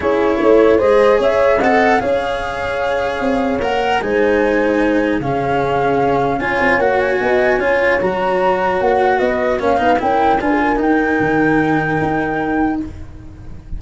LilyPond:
<<
  \new Staff \with { instrumentName = "flute" } { \time 4/4 \tempo 4 = 150 cis''2 dis''4 e''4 | fis''4 f''2.~ | f''4 fis''4 gis''2~ | gis''4 f''2. |
gis''4 fis''8 gis''2~ gis''8 | ais''2 fis''4 dis''4 | f''4 g''4 gis''4 g''4~ | g''1 | }
  \new Staff \with { instrumentName = "horn" } { \time 4/4 gis'4 cis''4 c''4 cis''4 | dis''4 cis''2.~ | cis''2 c''2~ | c''4 gis'2. |
cis''2 dis''4 cis''4~ | cis''2. b'4 | cis''8 b'8 ais'4 b'16 gis'16 ais'4.~ | ais'1 | }
  \new Staff \with { instrumentName = "cello" } { \time 4/4 e'2 gis'2 | a'4 gis'2.~ | gis'4 ais'4 dis'2~ | dis'4 cis'2. |
f'4 fis'2 f'4 | fis'1 | cis'8 dis'8 e'4 f'4 dis'4~ | dis'1 | }
  \new Staff \with { instrumentName = "tuba" } { \time 4/4 cis'4 a4 gis4 cis'4 | c'4 cis'2. | c'4 ais4 gis2~ | gis4 cis2. |
cis'8 c'8 ais4 b4 cis'4 | fis2 ais4 b4 | ais8 b8 cis'4 d'4 dis'4 | dis2 dis'2 | }
>>